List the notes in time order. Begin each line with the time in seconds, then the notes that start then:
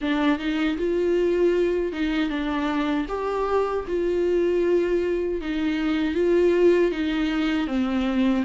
0.01 D4
0.38 D#4
0.77 F4
1.92 D#4
2.29 D4
3.08 G4
3.87 F4
5.41 D#4
6.14 F4
6.91 D#4
7.67 C4